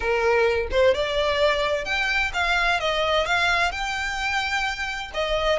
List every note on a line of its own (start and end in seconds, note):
0.00 0.67 A#4
0.71 0.94 C5
0.94 1.85 D5
1.85 2.31 G5
2.33 2.80 F5
2.80 3.26 D#5
3.26 3.71 F5
3.71 5.11 G5
5.14 5.58 D#5